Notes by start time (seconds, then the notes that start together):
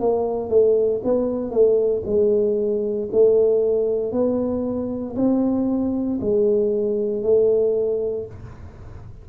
0.00 A#3
0.49 A3
1.04 B3
1.50 A3
2.05 G#3
3.12 A3
4.12 B3
5.16 C4
6.21 G#3
7.23 A3